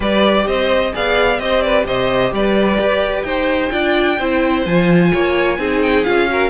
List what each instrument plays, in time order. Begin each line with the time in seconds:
0.00 cello G3, viola G4, violin B4 D5
0.46 cello C4, violin C5 D#5
0.92 cello B3, viola G#4, violin D5 F5
1.38 cello C4, viola G4, violin C5 D#5
1.61 violin B4 D5
1.85 cello C3, violin C5 D#5
2.32 cello G3, violin B4 D5
2.79 cello G4
3.23 cello D#4, violin C5 G5
3.70 cello D4, viola F4, violin D5
4.19 cello C4, viola E4, violin C5
4.65 cello F3, viola F4, violin G#5
5.12 cello A#3, violin C#5
5.58 cello C4, viola D#4, violin G#4
5.82 violin G5
6.04 cello C#4, viola F4, violin F5
6.28 viola F#4, violin A#4